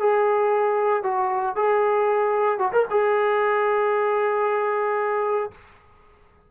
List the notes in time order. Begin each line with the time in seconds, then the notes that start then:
0.00 G#4
1.04 F#4
1.56 G#4
2.59 F#4
2.73 A#4
2.91 G#4